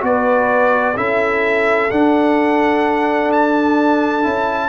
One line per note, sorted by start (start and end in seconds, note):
0.00 0.96 B3
0.00 0.94 F#4
0.00 0.96 B4
0.00 0.97 D5
0.96 1.90 C#4
0.96 1.89 E4
0.96 4.69 A4
0.96 1.91 E5
1.90 4.23 D4
1.90 4.25 D4
1.90 3.31 F#5
3.32 4.69 A5
4.23 4.69 C#4
4.23 4.69 E4